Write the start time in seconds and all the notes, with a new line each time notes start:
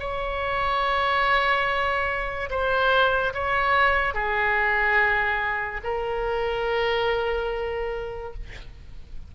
0.00 C#5
2.50 C5
3.34 C#5
4.14 G#4
5.84 A#4